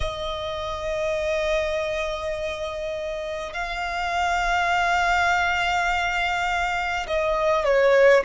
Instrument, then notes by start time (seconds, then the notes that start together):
violin
0.00 D#5
3.53 F5
7.07 D#5
7.64 C#5